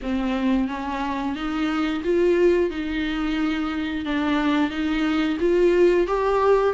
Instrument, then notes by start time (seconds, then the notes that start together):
viola
0.02 C4
0.68 C#4
1.35 D#4
2.04 F4
2.70 D#4
4.04 D4
4.70 D#4
5.40 F4
6.07 G4